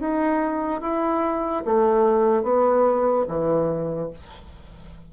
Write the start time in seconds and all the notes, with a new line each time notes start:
0.00 D#4
0.81 E4
1.65 A3
2.43 B3
3.28 E3